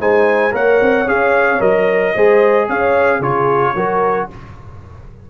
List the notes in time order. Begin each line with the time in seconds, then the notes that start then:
0.00 G#3 D#4 C5 G#5
0.52 A#3 A#4 C#5 F#5
0.81 C4
1.06 C#4 G#4 F5
1.60 F#3 A#4 D#5
2.14 G#3 G#4 C5
2.69 C#4 C#5 F5
3.19 C#3 F4 G#4 C#5
3.75 F#3 F#4 A#4